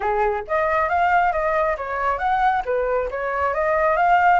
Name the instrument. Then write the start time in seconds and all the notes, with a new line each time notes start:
flute
0.00 G#4
0.47 D#5
0.88 F5
1.32 D#5
1.77 C#5
2.18 F#5
2.65 B4
3.10 C#5
3.54 D#5
3.96 F5